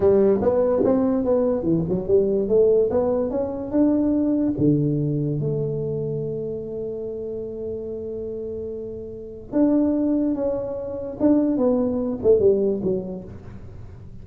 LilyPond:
\new Staff \with { instrumentName = "tuba" } { \time 4/4 \tempo 4 = 145 g4 b4 c'4 b4 | e8 fis8 g4 a4 b4 | cis'4 d'2 d4~ | d4 a2.~ |
a1~ | a2. d'4~ | d'4 cis'2 d'4 | b4. a8 g4 fis4 | }